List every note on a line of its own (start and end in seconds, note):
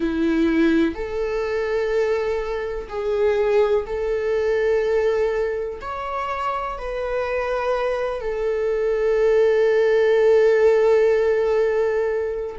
0.00 0.95 E4
0.95 2.88 A4
2.89 3.85 G#4
3.85 5.79 A4
5.81 6.77 C#5
6.77 8.20 B4
8.20 12.56 A4